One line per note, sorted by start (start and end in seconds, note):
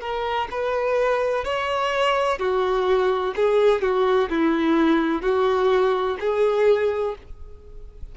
0.00 0.48 A#4
0.50 1.44 B4
1.44 2.39 C#5
2.39 3.34 F#4
3.35 3.81 G#4
3.81 4.29 F#4
4.29 5.22 E4
5.22 6.17 F#4
6.19 7.15 G#4